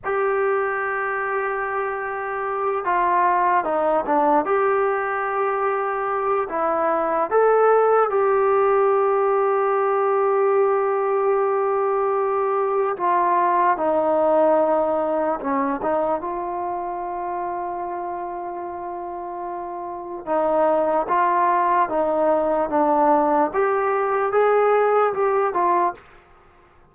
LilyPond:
\new Staff \with { instrumentName = "trombone" } { \time 4/4 \tempo 4 = 74 g'2.~ g'8 f'8~ | f'8 dis'8 d'8 g'2~ g'8 | e'4 a'4 g'2~ | g'1 |
f'4 dis'2 cis'8 dis'8 | f'1~ | f'4 dis'4 f'4 dis'4 | d'4 g'4 gis'4 g'8 f'8 | }